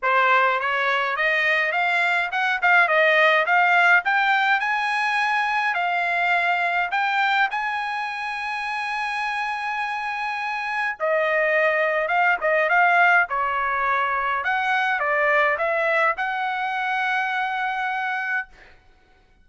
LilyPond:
\new Staff \with { instrumentName = "trumpet" } { \time 4/4 \tempo 4 = 104 c''4 cis''4 dis''4 f''4 | fis''8 f''8 dis''4 f''4 g''4 | gis''2 f''2 | g''4 gis''2.~ |
gis''2. dis''4~ | dis''4 f''8 dis''8 f''4 cis''4~ | cis''4 fis''4 d''4 e''4 | fis''1 | }